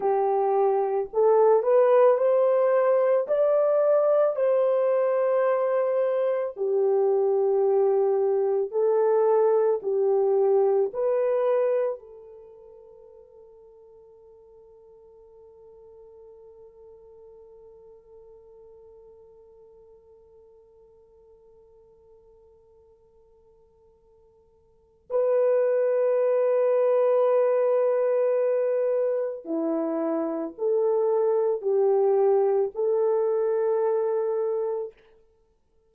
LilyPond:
\new Staff \with { instrumentName = "horn" } { \time 4/4 \tempo 4 = 55 g'4 a'8 b'8 c''4 d''4 | c''2 g'2 | a'4 g'4 b'4 a'4~ | a'1~ |
a'1~ | a'2. b'4~ | b'2. e'4 | a'4 g'4 a'2 | }